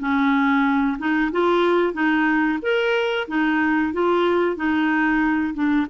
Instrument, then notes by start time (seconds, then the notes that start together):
clarinet
0.00 C#4
0.99 D#4
1.32 F4
1.93 D#4
2.62 A#4
3.28 D#4
3.93 F4
4.56 D#4
5.54 D4